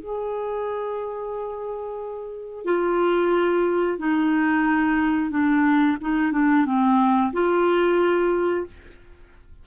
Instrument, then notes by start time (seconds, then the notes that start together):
clarinet
0.00 G#4
2.65 F4
3.98 D#4
5.30 D4
6.01 D#4
6.32 D4
6.65 C4
7.33 F4